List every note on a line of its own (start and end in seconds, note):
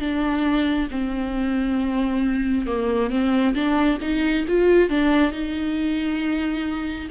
0.00 0.88 D4
0.91 2.67 C4
2.67 3.10 A#3
3.10 3.55 C4
3.55 3.99 D4
4.01 4.46 D#4
4.48 4.90 F4
4.90 5.32 D4
5.32 7.09 D#4